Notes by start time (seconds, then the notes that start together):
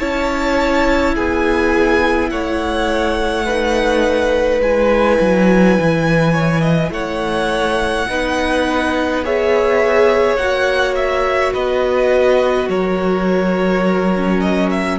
0.00 C#4 E4 C#5 A5
1.15 B3 G#4 G#5
2.30 A3 C#5 F#5
3.46 D#4 B4
4.61 G#3 E4 G#5
5.21 F#3
5.80 E3
6.33 C#5
6.62 D#5
6.91 A3 C#5 F#5
8.09 B3 D#4 B4
9.24 G#4 C#5 E5
10.37 A#3 F#4 F#5
10.96 E5
11.54 B3 B4 D#5
12.69 F#3 A#4 C#5
14.16 C#4
14.41 D#5
14.71 E5